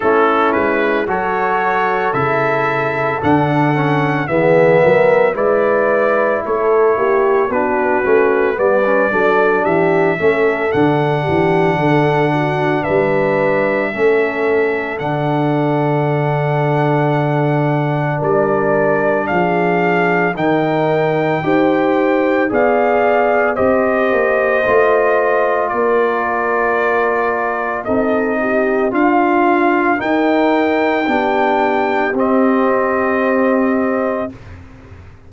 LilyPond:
<<
  \new Staff \with { instrumentName = "trumpet" } { \time 4/4 \tempo 4 = 56 a'8 b'8 cis''4 e''4 fis''4 | e''4 d''4 cis''4 b'4 | d''4 e''4 fis''2 | e''2 fis''2~ |
fis''4 d''4 f''4 g''4~ | g''4 f''4 dis''2 | d''2 dis''4 f''4 | g''2 dis''2 | }
  \new Staff \with { instrumentName = "horn" } { \time 4/4 e'4 a'2. | gis'8 ais'8 b'4 a'8 g'8 fis'4 | b'8 a'8 g'8 a'4 g'8 a'8 fis'8 | b'4 a'2.~ |
a'4 ais'4 gis'4 ais'4 | c''4 d''4 c''2 | ais'2 a'8 g'8 f'4 | ais'4 g'2. | }
  \new Staff \with { instrumentName = "trombone" } { \time 4/4 cis'4 fis'4 e'4 d'8 cis'8 | b4 e'2 d'8 cis'8 | b16 cis'16 d'4 cis'8 d'2~ | d'4 cis'4 d'2~ |
d'2. dis'4 | g'4 gis'4 g'4 f'4~ | f'2 dis'4 f'4 | dis'4 d'4 c'2 | }
  \new Staff \with { instrumentName = "tuba" } { \time 4/4 a8 gis8 fis4 cis4 d4 | e8 fis8 gis4 a8 ais8 b8 a8 | g8 fis8 e8 a8 d8 e8 d4 | g4 a4 d2~ |
d4 g4 f4 dis4 | dis'4 b4 c'8 ais8 a4 | ais2 c'4 d'4 | dis'4 b4 c'2 | }
>>